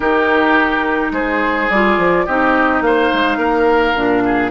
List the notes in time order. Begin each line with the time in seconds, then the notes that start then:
0.00 D#3 D#4 G4 A#4
1.11 G#3 G#4 C5
1.69 G3 F4 D5
1.97 F3
2.26 C4 D#4 G4 D#5
2.81 A#3 C5 F5
3.13 G#3
3.37 A#3 A#4
3.95 A#2 D4
4.24 G#4